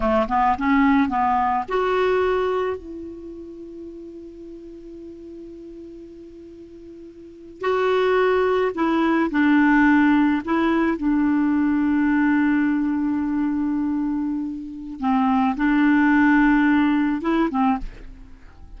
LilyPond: \new Staff \with { instrumentName = "clarinet" } { \time 4/4 \tempo 4 = 108 a8 b8 cis'4 b4 fis'4~ | fis'4 e'2.~ | e'1~ | e'4.~ e'16 fis'2 e'16~ |
e'8. d'2 e'4 d'16~ | d'1~ | d'2. c'4 | d'2. e'8 c'8 | }